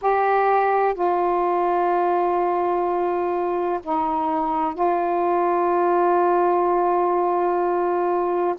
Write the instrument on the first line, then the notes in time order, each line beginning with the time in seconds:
saxophone
0.01 G4
0.94 F4
3.83 D#4
4.74 F4